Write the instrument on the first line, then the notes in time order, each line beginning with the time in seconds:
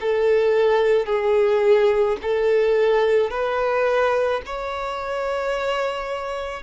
violin
0.00 A4
1.06 G#4
2.22 A4
3.30 B4
4.45 C#5